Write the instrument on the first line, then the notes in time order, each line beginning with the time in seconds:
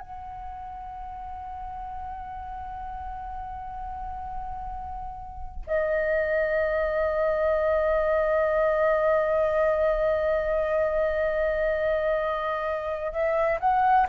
flute
0.00 F#5
5.67 D#5
13.12 E5
13.61 F#5